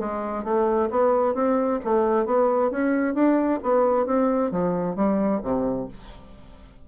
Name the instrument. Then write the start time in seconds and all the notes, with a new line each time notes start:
bassoon
0.00 G#3
0.44 A3
0.91 B3
1.35 C4
1.85 A3
2.26 B3
2.71 C#4
3.15 D4
3.63 B3
4.06 C4
4.52 F3
4.96 G3
5.43 C3